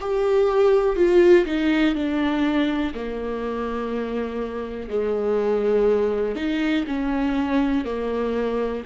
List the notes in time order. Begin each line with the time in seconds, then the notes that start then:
0.00 G4
0.96 F4
1.45 D#4
1.94 D4
2.94 A#3
4.89 G#3
6.35 D#4
6.86 C#4
7.85 A#3